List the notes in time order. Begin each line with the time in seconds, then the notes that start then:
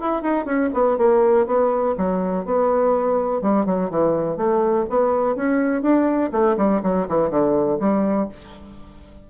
0.00 E4
0.22 D#4
0.45 C#4
0.73 B3
0.97 A#3
1.46 B3
1.97 F#3
2.45 B3
3.41 G3
3.65 F#3
3.90 E3
4.37 A3
4.89 B3
5.35 C#4
5.82 D4
6.31 A3
6.57 G3
6.82 F#3
7.08 E3
7.29 D3
7.79 G3